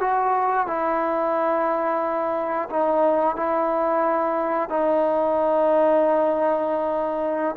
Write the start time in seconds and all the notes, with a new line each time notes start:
0.00 F#4
0.66 E4
2.69 D#4
3.36 E4
4.69 D#4